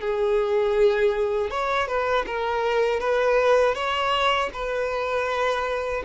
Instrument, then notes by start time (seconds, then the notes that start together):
violin
0.00 G#4
1.50 C#5
1.87 B4
2.26 A#4
3.00 B4
3.74 C#5
4.53 B4